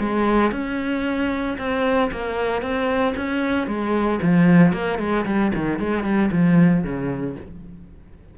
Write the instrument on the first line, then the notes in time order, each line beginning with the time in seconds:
cello
0.00 G#3
0.52 C#4
1.58 C4
2.12 A#3
2.62 C4
3.17 C#4
3.67 G#3
4.22 F3
4.73 A#3
4.99 G#3
5.26 G3
5.55 D#3
5.79 G#3
6.04 G3
6.32 F3
6.84 C#3